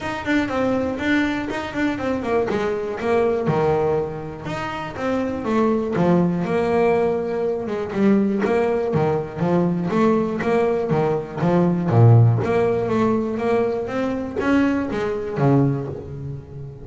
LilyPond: \new Staff \with { instrumentName = "double bass" } { \time 4/4 \tempo 4 = 121 dis'8 d'8 c'4 d'4 dis'8 d'8 | c'8 ais8 gis4 ais4 dis4~ | dis4 dis'4 c'4 a4 | f4 ais2~ ais8 gis8 |
g4 ais4 dis4 f4 | a4 ais4 dis4 f4 | ais,4 ais4 a4 ais4 | c'4 cis'4 gis4 cis4 | }